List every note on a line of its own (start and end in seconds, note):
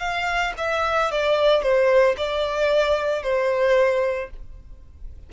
0.00 0.54 F5
0.58 1.11 E5
1.11 1.62 D5
1.62 2.16 C5
2.17 3.23 D5
3.23 4.30 C5